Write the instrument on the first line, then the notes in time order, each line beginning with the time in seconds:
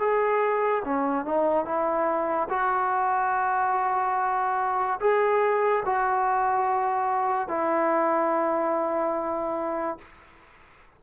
trombone
0.00 G#4
0.85 C#4
1.25 D#4
1.65 E4
2.50 F#4
5.00 G#4
5.86 F#4
7.48 E4